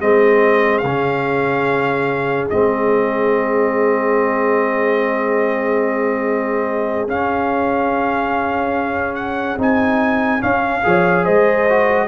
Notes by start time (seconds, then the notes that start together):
0.00 G#3 C4 G#4 D#5
0.78 C#3 F5
0.86 C#4
2.50 G#3 C4 D#5
7.08 C#4 F5
9.15 F#5
9.58 C4 D#4 G#5
10.40 C#4 F5
10.84 F3 G#4 C#5
11.24 G#3 C5 D#5
11.69 F#4